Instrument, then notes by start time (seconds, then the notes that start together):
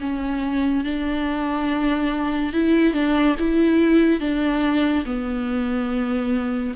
viola
0.00 C#4
0.84 D4
2.53 E4
2.93 D4
3.39 E4
4.20 D4
5.05 B3